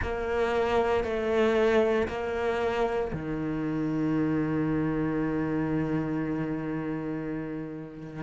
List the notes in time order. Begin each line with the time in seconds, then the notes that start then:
0.01 A#3
1.03 A3
2.08 A#3
3.12 D#3